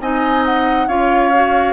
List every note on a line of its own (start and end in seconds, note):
0.00 0.87 C4
0.00 0.88 D#4
0.00 0.87 D#5
0.00 0.44 G#5
0.45 0.88 F#5
0.87 1.73 C#4
0.87 1.31 F4
0.87 1.73 C#5
0.87 1.73 F5
1.34 1.73 F#4